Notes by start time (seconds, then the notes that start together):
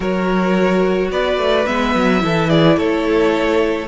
0.00 F#3 F#4 A#4 C#5
1.10 B3 B4 D5
1.37 A3
1.66 G#3 B3 E5
1.95 F#3
2.19 E3 E4 A4
2.49 G#4 D5
2.77 A3 A4 C#5